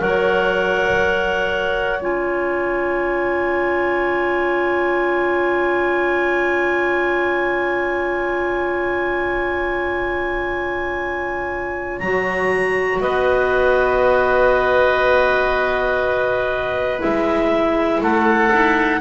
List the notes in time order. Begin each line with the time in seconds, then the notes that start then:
0.00 F#3 A#4 C#5 F#5
2.01 C#4 F4 G#5
12.00 F#3 F#4 A#5
13.00 B3 B4 D#5
17.00 G#3 E4 E5
18.01 A3 A4 F#5
18.52 D#4 E4